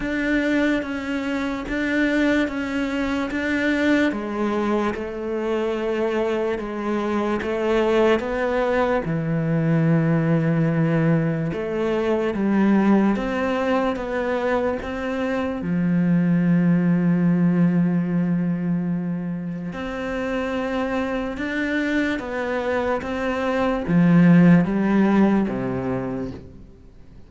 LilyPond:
\new Staff \with { instrumentName = "cello" } { \time 4/4 \tempo 4 = 73 d'4 cis'4 d'4 cis'4 | d'4 gis4 a2 | gis4 a4 b4 e4~ | e2 a4 g4 |
c'4 b4 c'4 f4~ | f1 | c'2 d'4 b4 | c'4 f4 g4 c4 | }